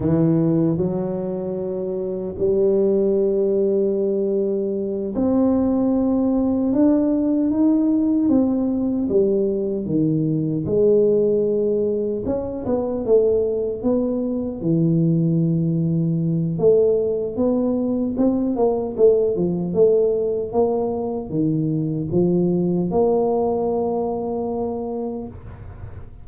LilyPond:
\new Staff \with { instrumentName = "tuba" } { \time 4/4 \tempo 4 = 76 e4 fis2 g4~ | g2~ g8 c'4.~ | c'8 d'4 dis'4 c'4 g8~ | g8 dis4 gis2 cis'8 |
b8 a4 b4 e4.~ | e4 a4 b4 c'8 ais8 | a8 f8 a4 ais4 dis4 | f4 ais2. | }